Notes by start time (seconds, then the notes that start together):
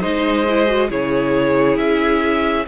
0.00 G#3 D#4 C5 D#5
0.48 E4
0.67 F#4
0.89 C#3 E4 G#4 C#5
1.77 C#4 E5